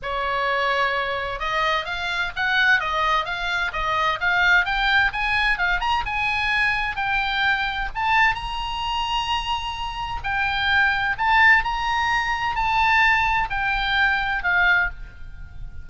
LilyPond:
\new Staff \with { instrumentName = "oboe" } { \time 4/4 \tempo 4 = 129 cis''2. dis''4 | f''4 fis''4 dis''4 f''4 | dis''4 f''4 g''4 gis''4 | f''8 ais''8 gis''2 g''4~ |
g''4 a''4 ais''2~ | ais''2 g''2 | a''4 ais''2 a''4~ | a''4 g''2 f''4 | }